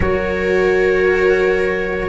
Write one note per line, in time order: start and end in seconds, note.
0.00 2.08 F#3
0.00 2.09 F#4
0.00 2.09 A#4
0.00 2.09 C#5